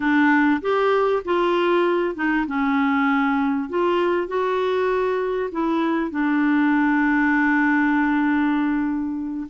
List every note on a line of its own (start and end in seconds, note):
0.00 0.60 D4
0.61 1.22 G4
1.24 2.15 F4
2.15 2.45 D#4
2.47 3.69 C#4
3.69 4.27 F4
4.27 5.50 F#4
5.51 6.10 E4
6.10 9.47 D4